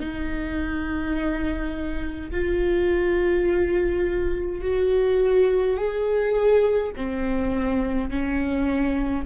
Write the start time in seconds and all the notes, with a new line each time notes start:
0.00 D#4
2.31 F4
4.62 F#4
5.77 G#4
6.97 C4
8.10 C#4